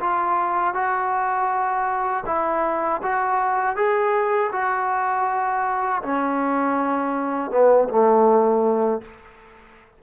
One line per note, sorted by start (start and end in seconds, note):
0.00 0.74 F4
0.74 2.24 F#4
2.26 3.01 E4
3.02 3.76 F#4
3.76 4.51 G#4
4.52 6.02 F#4
6.02 7.51 C#4
7.51 7.88 B3
7.89 9.01 A3